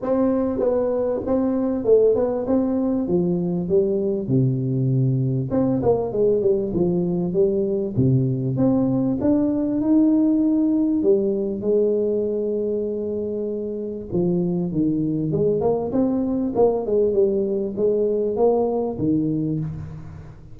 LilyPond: \new Staff \with { instrumentName = "tuba" } { \time 4/4 \tempo 4 = 98 c'4 b4 c'4 a8 b8 | c'4 f4 g4 c4~ | c4 c'8 ais8 gis8 g8 f4 | g4 c4 c'4 d'4 |
dis'2 g4 gis4~ | gis2. f4 | dis4 gis8 ais8 c'4 ais8 gis8 | g4 gis4 ais4 dis4 | }